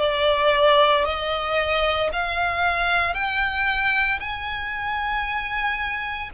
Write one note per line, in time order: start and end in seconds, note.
0.00 1.05 D5
1.05 2.11 D#5
2.13 3.14 F5
3.14 4.20 G5
4.20 6.31 G#5